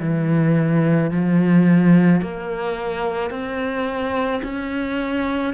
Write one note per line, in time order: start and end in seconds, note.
0.00 1.11 E3
1.11 2.22 F3
2.22 3.31 A#3
3.31 4.42 C4
4.43 5.54 C#4